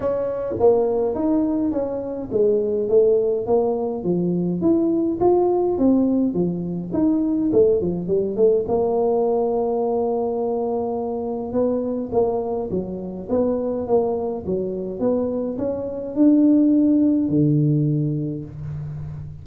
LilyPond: \new Staff \with { instrumentName = "tuba" } { \time 4/4 \tempo 4 = 104 cis'4 ais4 dis'4 cis'4 | gis4 a4 ais4 f4 | e'4 f'4 c'4 f4 | dis'4 a8 f8 g8 a8 ais4~ |
ais1 | b4 ais4 fis4 b4 | ais4 fis4 b4 cis'4 | d'2 d2 | }